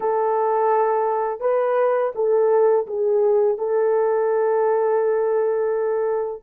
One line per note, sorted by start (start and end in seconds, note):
0.00 1.40 A4
1.40 2.11 B4
2.15 2.86 A4
2.86 3.57 G#4
3.57 6.43 A4